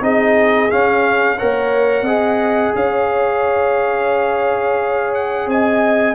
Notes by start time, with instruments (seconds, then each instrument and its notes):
0.00 tuba C4, trombone D#4, horn G#4, trumpet D#5
0.69 trombone C#4, tuba C#4, trumpet F5
1.36 tuba A#3, trombone A#4, horn C#5, trumpet F#5
2.02 tuba C4, trombone G#4, horn D#5
2.75 tuba C#4, horn C#5, trumpet F5
5.14 trumpet F#5
5.46 tuba C4, horn D#5, trumpet G#5